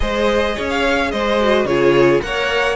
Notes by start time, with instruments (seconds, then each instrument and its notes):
0.00 cello G#3, viola G#4, violin C5 D#5
0.55 cello C#4, violin C#5
0.69 violin F5
1.11 cello G#3, violin C5 D#5
1.40 viola F#4
1.64 cello C#3, viola F4, violin G#4 C#5
2.21 cello A#3, viola A#4, violin C#5 F#5